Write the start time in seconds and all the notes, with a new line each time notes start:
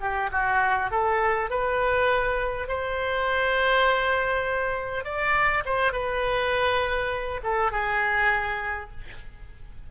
0.00 G4
0.31 F#4
0.90 A4
1.50 B4
2.68 C5
5.04 D5
5.65 C5
5.92 B4
7.43 A4
7.71 G#4